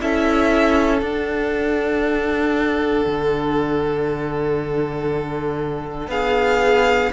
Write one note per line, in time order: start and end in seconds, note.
0.00 1.02 C#4
0.00 1.01 E4
0.00 6.10 A4
0.00 1.02 E5
1.01 7.11 D4
1.01 3.05 D4
1.01 6.10 F#5
3.07 6.08 D3
6.08 7.09 B3
6.08 7.12 G#4
6.08 7.12 F5